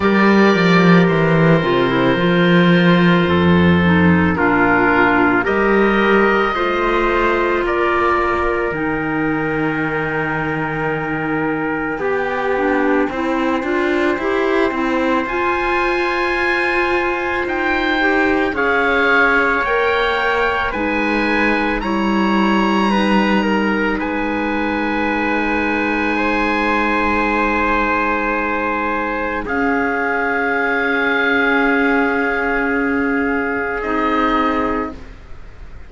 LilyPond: <<
  \new Staff \with { instrumentName = "oboe" } { \time 4/4 \tempo 4 = 55 d''4 c''2. | ais'4 dis''2 d''4 | g''1~ | g''2 gis''2 |
g''4 f''4 g''4 gis''4 | ais''2 gis''2~ | gis''2. f''4~ | f''2. dis''4 | }
  \new Staff \with { instrumentName = "trumpet" } { \time 4/4 ais'2. a'4 | f'4 ais'4 c''4 ais'4~ | ais'2. g'4 | c''1~ |
c''4 cis''2 b'4 | cis''4 b'8 ais'8 b'2 | c''2. gis'4~ | gis'1 | }
  \new Staff \with { instrumentName = "clarinet" } { \time 4/4 g'4. f'16 e'16 f'4. dis'8 | d'4 g'4 f'2 | dis'2. g'8 d'8 | e'8 f'8 g'8 e'8 f'2~ |
f'8 g'8 gis'4 ais'4 dis'4 | e'4 dis'2.~ | dis'2. cis'4~ | cis'2. dis'4 | }
  \new Staff \with { instrumentName = "cello" } { \time 4/4 g8 f8 e8 c8 f4 f,4 | ais,4 g4 a4 ais4 | dis2. b4 | c'8 d'8 e'8 c'8 f'2 |
dis'4 cis'4 ais4 gis4 | g2 gis2~ | gis2. cis'4~ | cis'2. c'4 | }
>>